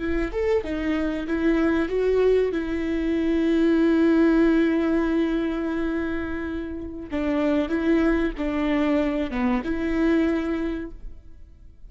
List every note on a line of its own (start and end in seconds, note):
0.00 0.32 E4
0.32 0.64 A4
0.64 1.27 D#4
1.27 1.89 E4
1.89 2.52 F#4
2.52 7.10 E4
7.11 7.69 D4
7.69 8.33 E4
8.38 9.31 D4
9.31 9.63 B3
9.64 10.91 E4